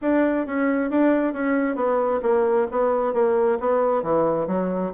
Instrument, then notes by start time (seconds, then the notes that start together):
bassoon
0.01 D4
0.46 C#4
0.90 D4
1.33 C#4
1.75 B3
2.22 A#3
2.71 B3
3.13 A#3
3.60 B3
4.03 E3
4.47 F#3